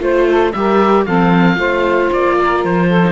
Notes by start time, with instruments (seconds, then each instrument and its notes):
0.00 cello A3, viola F4, saxophone C5, oboe C5
0.28 saxophone A4
0.53 cello G3, viola G4, saxophone A#4, oboe E5
1.06 cello F3, viola C4, saxophone A4, oboe F5
1.56 cello A3, viola F4, saxophone C5
2.13 cello A#3, oboe D5
2.40 saxophone A#4
2.64 cello F3, oboe C5
2.88 saxophone A4
3.03 viola D#4